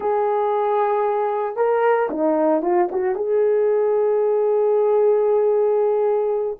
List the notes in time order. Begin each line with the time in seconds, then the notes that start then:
0.00 G#4
1.56 A#4
2.10 D#4
2.62 F4
2.91 F#4
3.15 G#4